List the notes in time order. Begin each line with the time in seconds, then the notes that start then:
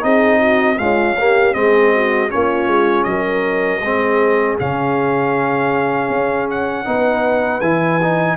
0.00 C4 D#4 G#4 D#5
0.39 F#4
0.78 G#3 C#4 F4 F5
1.17 A#3 G4
1.53 G#3 C4 G#4 D#5
1.93 F#4
2.29 A#3 C#4 F4 C#5
2.67 G#3
3.04 F#3 A#4 D#5
3.82 G#3 C4 G#4
4.59 C#3 C#4 F5
6.09 C#4
6.50 F#5
6.85 B3 D#4 B4
7.60 E3 E4 G#5
8.01 D#4